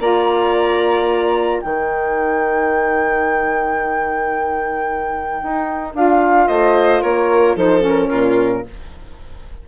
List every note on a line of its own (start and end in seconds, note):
0.00 1.62 A#3
0.00 1.63 F4
0.00 1.62 D5
0.00 1.60 A#5
1.60 5.43 D#3
1.60 5.95 D#4
1.60 6.48 A#4
1.60 5.92 G5
5.43 5.95 D#4
5.95 6.49 D4
5.95 7.57 F4
5.95 6.48 F5
6.48 7.03 A3
6.48 7.02 C5
6.48 7.02 D#5
7.02 7.56 A#3
7.02 7.56 A#4
7.02 7.57 C#5
7.56 8.10 F3
7.56 7.81 D#4
7.56 8.10 A4
7.56 7.85 C5
7.81 8.62 C#4
7.88 8.69 A#4
8.10 8.66 A#2
8.10 8.65 F4